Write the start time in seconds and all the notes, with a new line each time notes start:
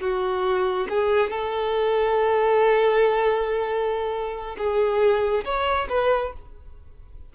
0.00 F#4
0.89 G#4
1.30 A4
4.57 G#4
5.45 C#5
5.89 B4